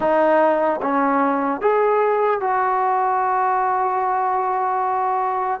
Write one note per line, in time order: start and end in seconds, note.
0.00 0.80 D#4
0.82 1.61 C#4
1.61 2.40 G#4
2.40 5.60 F#4